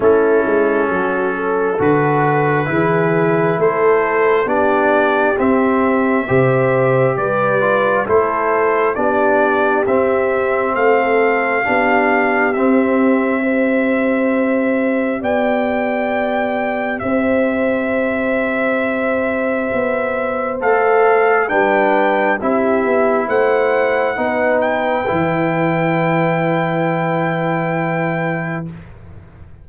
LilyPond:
<<
  \new Staff \with { instrumentName = "trumpet" } { \time 4/4 \tempo 4 = 67 a'2 b'2 | c''4 d''4 e''2 | d''4 c''4 d''4 e''4 | f''2 e''2~ |
e''4 g''2 e''4~ | e''2. f''4 | g''4 e''4 fis''4. g''8~ | g''1 | }
  \new Staff \with { instrumentName = "horn" } { \time 4/4 e'4 fis'8 a'4. gis'4 | a'4 g'2 c''4 | b'4 a'4 g'2 | a'4 g'2 c''4~ |
c''4 d''2 c''4~ | c''1 | b'4 g'4 c''4 b'4~ | b'1 | }
  \new Staff \with { instrumentName = "trombone" } { \time 4/4 cis'2 fis'4 e'4~ | e'4 d'4 c'4 g'4~ | g'8 f'8 e'4 d'4 c'4~ | c'4 d'4 c'4 g'4~ |
g'1~ | g'2. a'4 | d'4 e'2 dis'4 | e'1 | }
  \new Staff \with { instrumentName = "tuba" } { \time 4/4 a8 gis8 fis4 d4 e4 | a4 b4 c'4 c4 | g4 a4 b4 c'4 | a4 b4 c'2~ |
c'4 b2 c'4~ | c'2 b4 a4 | g4 c'8 b8 a4 b4 | e1 | }
>>